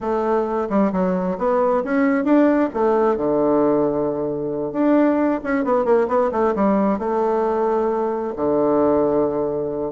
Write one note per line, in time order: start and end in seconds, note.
0.00 0.68 A3
0.69 0.92 G3
0.92 1.37 F#3
1.38 1.83 B3
1.84 2.24 C#4
2.24 2.69 D4
2.73 3.17 A3
3.17 4.72 D3
4.72 5.40 D4
5.43 5.64 C#4
5.64 5.84 B3
5.84 6.07 A#3
6.08 6.30 B3
6.31 6.54 A3
6.55 6.98 G3
6.98 8.34 A3
8.35 9.92 D3